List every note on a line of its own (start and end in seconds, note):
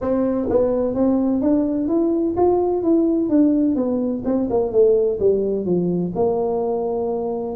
0.01 0.48 C4
0.49 0.94 B3
0.94 1.41 C4
1.41 1.88 D4
1.88 2.35 E4
2.36 2.82 F4
2.82 3.29 E4
3.29 3.75 D4
3.75 4.22 B3
4.24 4.48 C4
4.49 4.72 A#3
4.72 5.19 A3
5.19 5.65 G3
5.65 6.12 F3
6.15 7.56 A#3